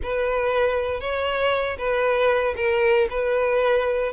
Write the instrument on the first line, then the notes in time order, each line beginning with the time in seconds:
violin
0.03 B4
1.00 C#5
1.77 B4
2.56 A#4
3.10 B4